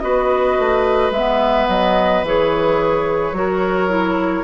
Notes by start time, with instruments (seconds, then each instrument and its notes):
0.00 bassoon B3, clarinet F#4, oboe B4, flute D#5
0.59 bassoon A3
1.11 bassoon G#3, clarinet B3, flute E5
1.68 bassoon F#3, flute D#5
2.24 bassoon E3, clarinet G#4, flute C#5
3.33 bassoon F#3, clarinet F#4, oboe A#4
3.89 clarinet E4